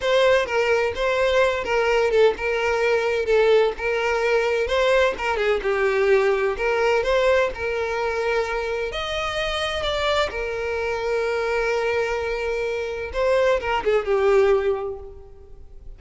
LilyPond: \new Staff \with { instrumentName = "violin" } { \time 4/4 \tempo 4 = 128 c''4 ais'4 c''4. ais'8~ | ais'8 a'8 ais'2 a'4 | ais'2 c''4 ais'8 gis'8 | g'2 ais'4 c''4 |
ais'2. dis''4~ | dis''4 d''4 ais'2~ | ais'1 | c''4 ais'8 gis'8 g'2 | }